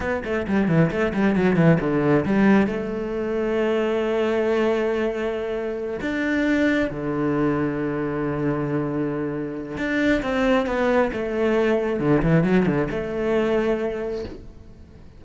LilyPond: \new Staff \with { instrumentName = "cello" } { \time 4/4 \tempo 4 = 135 b8 a8 g8 e8 a8 g8 fis8 e8 | d4 g4 a2~ | a1~ | a4. d'2 d8~ |
d1~ | d2 d'4 c'4 | b4 a2 d8 e8 | fis8 d8 a2. | }